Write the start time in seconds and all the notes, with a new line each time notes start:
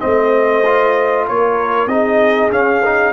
0.00 A3 C4 C5 D#5
0.65 F4
1.27 A#3 A#4 C#5
1.86 C4 D#4 G#4 D#5
2.51 C#4 F5
2.84 D#4